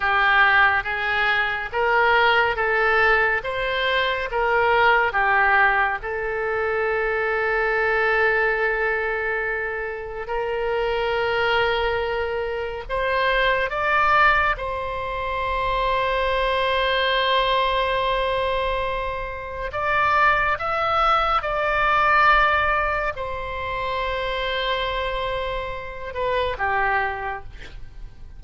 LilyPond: \new Staff \with { instrumentName = "oboe" } { \time 4/4 \tempo 4 = 70 g'4 gis'4 ais'4 a'4 | c''4 ais'4 g'4 a'4~ | a'1 | ais'2. c''4 |
d''4 c''2.~ | c''2. d''4 | e''4 d''2 c''4~ | c''2~ c''8 b'8 g'4 | }